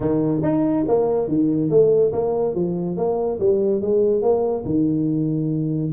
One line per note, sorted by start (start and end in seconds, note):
0.00 0.42 D#3
0.42 0.85 D#4
0.87 1.28 A#3
1.28 1.70 D#3
1.70 2.12 A3
2.12 2.54 A#3
2.54 2.97 F3
2.97 3.39 A#3
3.39 3.81 G3
3.81 4.22 G#3
4.22 4.64 A#3
4.65 5.92 D#3